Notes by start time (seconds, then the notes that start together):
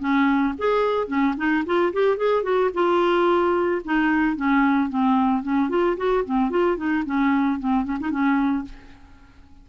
0.00 C#4
0.59 G#4
1.08 C#4
1.37 D#4
1.66 F4
1.93 G4
2.17 G#4
2.43 F#4
2.74 F4
3.85 D#4
4.37 C#4
4.90 C4
5.43 C#4
5.70 F4
5.98 F#4
6.26 C4
6.50 F4
6.77 D#4
7.06 C#4
7.60 C4
7.85 C#4
8.01 D#4
8.11 C#4